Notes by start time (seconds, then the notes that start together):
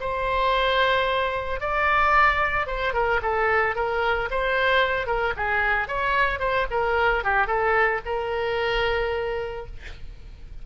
0.00 C5
1.60 D5
2.66 C5
2.93 A#4
3.22 A4
3.75 A#4
4.30 C5
5.06 A#4
5.36 G#4
5.87 C#5
6.39 C5
6.70 A#4
7.24 G4
7.47 A4
8.05 A#4